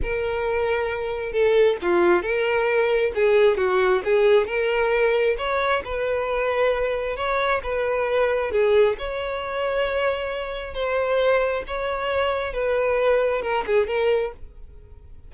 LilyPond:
\new Staff \with { instrumentName = "violin" } { \time 4/4 \tempo 4 = 134 ais'2. a'4 | f'4 ais'2 gis'4 | fis'4 gis'4 ais'2 | cis''4 b'2. |
cis''4 b'2 gis'4 | cis''1 | c''2 cis''2 | b'2 ais'8 gis'8 ais'4 | }